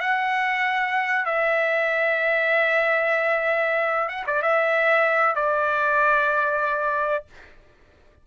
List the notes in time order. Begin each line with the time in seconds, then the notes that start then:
0.00 F#5
1.25 E5
4.09 F#5
4.26 D5
4.42 E5
5.35 D5